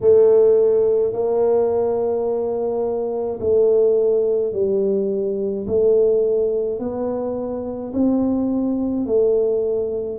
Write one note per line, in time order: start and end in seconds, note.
0.01 1.13 A3
1.13 3.39 A#3
3.40 4.53 A3
4.53 5.66 G3
5.67 6.79 A3
6.79 7.92 B3
7.92 9.06 C4
9.06 10.18 A3